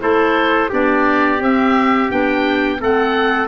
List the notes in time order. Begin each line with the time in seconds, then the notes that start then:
0.00 A3 E4 A4 C5
0.70 B3 D4 G4 D5
1.39 C4 E5
2.10 B3 D4 G5
2.79 A3 C4 A4 F#5